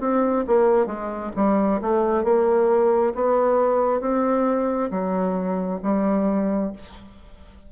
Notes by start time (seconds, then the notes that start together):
0.00 C4
0.47 A#3
0.86 G#3
1.36 G3
1.81 A3
2.23 A#3
3.14 B3
4.00 C4
4.91 F#3
5.82 G3